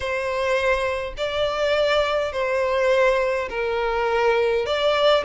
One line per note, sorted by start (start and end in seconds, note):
0.00 1.14 C5
1.17 2.32 D5
2.32 3.48 C5
3.49 4.65 A#4
4.65 5.24 D5